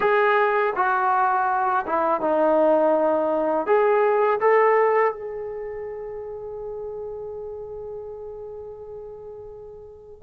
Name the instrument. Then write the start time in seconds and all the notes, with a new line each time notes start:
trombone
0.00 G#4
0.75 F#4
1.86 E4
2.21 D#4
3.66 G#4
4.40 A4
5.12 G#4